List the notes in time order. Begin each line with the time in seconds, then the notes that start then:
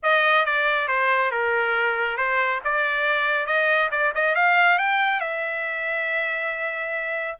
0.03 D#5
0.45 D5
0.88 C5
1.31 A#4
2.17 C5
2.64 D5
3.46 D#5
3.91 D5
4.14 D#5
4.35 F5
4.78 G5
5.20 E5